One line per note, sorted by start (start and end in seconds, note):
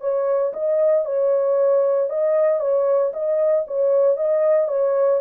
0.00 0.52 C#5
0.53 1.05 D#5
1.05 2.09 C#5
2.09 2.60 D#5
2.60 3.12 C#5
3.13 3.65 D#5
3.67 4.16 C#5
4.16 4.68 D#5
4.68 5.20 C#5